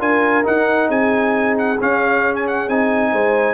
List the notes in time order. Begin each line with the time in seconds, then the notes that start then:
0.00 D4 F4 A#4 G#5
0.44 D#4 F#5
0.89 C4 G#4 G#5
1.59 F#5
1.80 C#4 F5
2.36 G#5
2.48 F#5
2.69 C4 D#4 G#5
3.12 G#3 C5